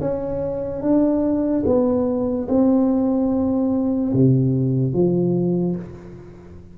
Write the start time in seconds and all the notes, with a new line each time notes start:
0.00 C#4
0.81 D4
1.65 B3
2.48 C4
4.13 C3
4.93 F3